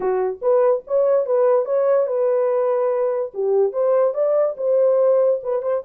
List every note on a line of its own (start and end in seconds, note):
0.00 0.39 F#4
0.41 0.83 B4
0.87 1.26 C#5
1.26 1.65 B4
1.65 2.06 C#5
2.07 3.32 B4
3.34 3.72 G4
3.72 4.14 C5
4.14 4.55 D5
4.57 5.40 C5
5.43 5.62 B4
5.62 5.83 C5